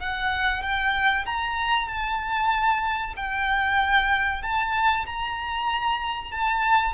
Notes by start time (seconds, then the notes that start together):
0.00 F#5
0.63 G5
1.26 A#5
1.88 A5
3.17 G5
4.43 A5
5.06 A#5
6.32 A5